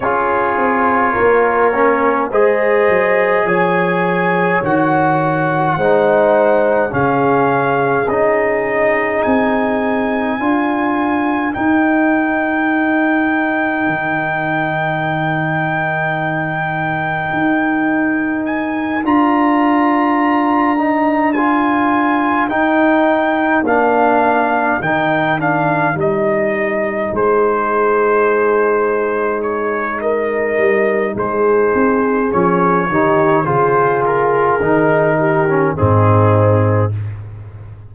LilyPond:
<<
  \new Staff \with { instrumentName = "trumpet" } { \time 4/4 \tempo 4 = 52 cis''2 dis''4 gis''4 | fis''2 f''4 dis''4 | gis''2 g''2~ | g''1 |
gis''8 ais''2 gis''4 g''8~ | g''8 f''4 g''8 f''8 dis''4 c''8~ | c''4. cis''8 dis''4 c''4 | cis''4 c''8 ais'4. gis'4 | }
  \new Staff \with { instrumentName = "horn" } { \time 4/4 gis'4 ais'4 c''4 cis''4~ | cis''4 c''4 gis'2~ | gis'4 ais'2.~ | ais'1~ |
ais'1~ | ais'2.~ ais'8 gis'8~ | gis'2 ais'4 gis'4~ | gis'8 g'8 gis'4. g'8 dis'4 | }
  \new Staff \with { instrumentName = "trombone" } { \time 4/4 f'4. cis'8 gis'2 | fis'4 dis'4 cis'4 dis'4~ | dis'4 f'4 dis'2~ | dis'1~ |
dis'8 f'4. dis'8 f'4 dis'8~ | dis'8 d'4 dis'8 d'8 dis'4.~ | dis'1 | cis'8 dis'8 f'4 dis'8. cis'16 c'4 | }
  \new Staff \with { instrumentName = "tuba" } { \time 4/4 cis'8 c'8 ais4 gis8 fis8 f4 | dis4 gis4 cis4 cis'4 | c'4 d'4 dis'2 | dis2. dis'4~ |
dis'8 d'2. dis'8~ | dis'8 ais4 dis4 g4 gis8~ | gis2~ gis8 g8 gis8 c'8 | f8 dis8 cis4 dis4 gis,4 | }
>>